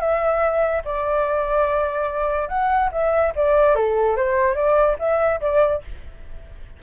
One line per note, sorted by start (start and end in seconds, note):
0.00 0.83 E5
0.85 2.49 D5
2.49 2.90 F#5
2.92 3.33 E5
3.36 3.75 D5
3.75 4.16 A4
4.17 4.55 C5
4.55 4.97 D5
4.99 5.41 E5
5.41 5.82 D5